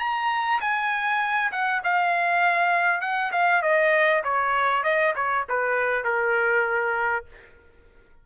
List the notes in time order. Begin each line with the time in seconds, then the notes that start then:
0.00 A#5
0.61 G#5
1.52 F#5
1.84 F5
3.01 F#5
3.32 F5
3.63 D#5
4.24 C#5
4.84 D#5
5.16 C#5
5.49 B4
6.05 A#4